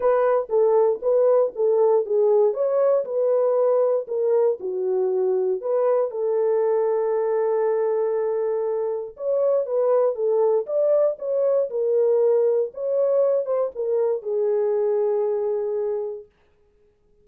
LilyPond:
\new Staff \with { instrumentName = "horn" } { \time 4/4 \tempo 4 = 118 b'4 a'4 b'4 a'4 | gis'4 cis''4 b'2 | ais'4 fis'2 b'4 | a'1~ |
a'2 cis''4 b'4 | a'4 d''4 cis''4 ais'4~ | ais'4 cis''4. c''8 ais'4 | gis'1 | }